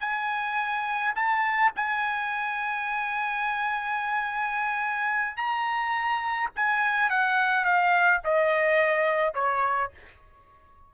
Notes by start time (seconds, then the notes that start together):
0.00 G#5
1.15 A5
1.75 G#5
5.36 A#5
6.56 G#5
7.10 F#5
7.64 F5
8.24 D#5
9.34 C#5